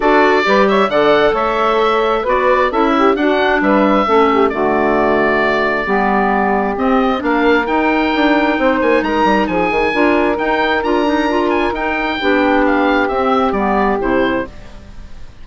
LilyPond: <<
  \new Staff \with { instrumentName = "oboe" } { \time 4/4 \tempo 4 = 133 d''4. e''8 fis''4 e''4~ | e''4 d''4 e''4 fis''4 | e''2 d''2~ | d''2. dis''4 |
f''4 g''2~ g''8 gis''8 | ais''4 gis''2 g''4 | ais''4. gis''8 g''2 | f''4 e''4 d''4 c''4 | }
  \new Staff \with { instrumentName = "saxophone" } { \time 4/4 a'4 b'8 cis''8 d''4 cis''4~ | cis''4 b'4 a'8 g'8 fis'4 | b'4 a'8 g'8 fis'2~ | fis'4 g'2. |
ais'2. c''4 | ais'4 gis'4 ais'2~ | ais'2. g'4~ | g'1 | }
  \new Staff \with { instrumentName = "clarinet" } { \time 4/4 fis'4 g'4 a'2~ | a'4 fis'4 e'4 d'4~ | d'4 cis'4 a2~ | a4 b2 c'4 |
d'4 dis'2.~ | dis'2 f'4 dis'4 | f'8 dis'8 f'4 dis'4 d'4~ | d'4 c'4 b4 e'4 | }
  \new Staff \with { instrumentName = "bassoon" } { \time 4/4 d'4 g4 d4 a4~ | a4 b4 cis'4 d'4 | g4 a4 d2~ | d4 g2 c'4 |
ais4 dis'4 d'4 c'8 ais8 | gis8 g8 f8 dis8 d'4 dis'4 | d'2 dis'4 b4~ | b4 c'4 g4 c4 | }
>>